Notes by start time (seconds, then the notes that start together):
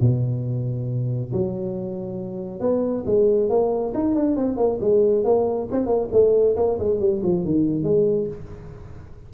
0.00 B2
1.32 F#3
2.60 B3
3.05 G#3
3.49 A#3
3.94 D#4
4.14 D4
4.36 C4
4.57 A#3
4.80 G#3
5.24 A#3
5.71 C4
5.86 A#3
6.12 A3
6.56 A#3
6.79 G#3
7.00 G3
7.23 F3
7.45 D#3
7.83 G#3